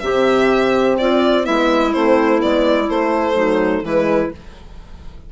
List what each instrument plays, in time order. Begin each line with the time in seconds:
0.00 bassoon C3, horn C4, clarinet G4, violin E5
0.98 bassoon C4, clarinet F4, violin D5
1.44 bassoon G#3, horn B3, clarinet E4, violin E5
1.93 bassoon A3, horn C4, violin C5
2.37 horn B3, violin D5
2.44 bassoon G#3
2.89 bassoon A3, horn A3, violin C5
3.35 horn F#3, clarinet D#4
3.83 bassoon E3, horn G#3, clarinet E4, violin B4